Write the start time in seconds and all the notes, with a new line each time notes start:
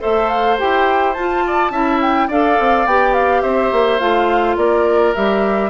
0.00 A3 A4 C5 E5
0.30 F5
0.58 E4 G4 G5
1.14 F4 A5
1.47 D5
1.71 C#4 E4 E5
2.02 G5
2.28 D4 A4 D5 F5
2.60 C4
2.86 B3 G4 G5
3.14 F5
3.42 C4 C5 E5
3.72 A#3
3.99 A3 F4 F5
4.57 A#3 A#4 D5
5.15 G3 G4 E5